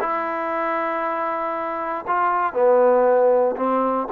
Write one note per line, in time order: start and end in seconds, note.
0.00 2.05 E4
2.07 2.53 F4
2.53 3.56 B3
3.56 4.08 C4